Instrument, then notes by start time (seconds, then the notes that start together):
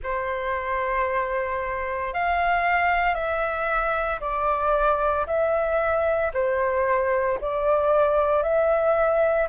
flute
0.03 C5
2.13 F5
3.14 E5
4.20 D5
5.26 E5
6.33 C5
7.40 D5
8.42 E5